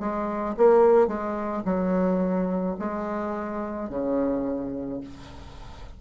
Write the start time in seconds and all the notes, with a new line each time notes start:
0.00 G#3
0.57 A#3
1.08 G#3
1.65 F#3
2.79 G#3
3.89 C#3